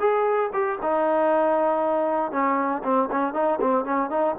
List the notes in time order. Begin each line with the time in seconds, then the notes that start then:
0.00 G#4
0.53 G4
0.82 D#4
2.32 C#4
2.84 C4
3.12 C#4
3.34 D#4
3.61 C4
3.85 C#4
4.10 D#4